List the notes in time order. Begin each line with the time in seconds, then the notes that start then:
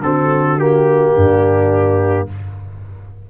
0.00 D3 C4 F#4 A4
0.58 A#3 G4
1.16 G2 D4